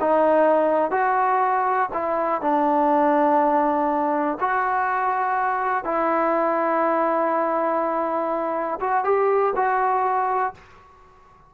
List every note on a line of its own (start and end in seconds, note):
0.00 0.91 D#4
0.91 1.89 F#4
1.93 2.41 E4
2.41 4.38 D4
4.40 5.84 F#4
5.84 8.79 E4
8.80 9.04 F#4
9.04 9.53 G4
9.55 10.54 F#4